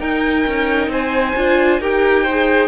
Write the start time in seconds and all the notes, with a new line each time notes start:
0.00 D#4 A#4 G5
0.47 C#4
0.88 C4 C5 G#5
1.36 D4 F4
1.80 D#4 G4 A#4 G5
2.23 C5
2.31 G#4